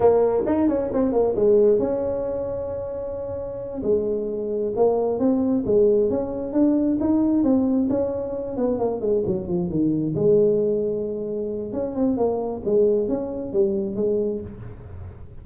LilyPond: \new Staff \with { instrumentName = "tuba" } { \time 4/4 \tempo 4 = 133 ais4 dis'8 cis'8 c'8 ais8 gis4 | cis'1~ | cis'8 gis2 ais4 c'8~ | c'8 gis4 cis'4 d'4 dis'8~ |
dis'8 c'4 cis'4. b8 ais8 | gis8 fis8 f8 dis4 gis4.~ | gis2 cis'8 c'8 ais4 | gis4 cis'4 g4 gis4 | }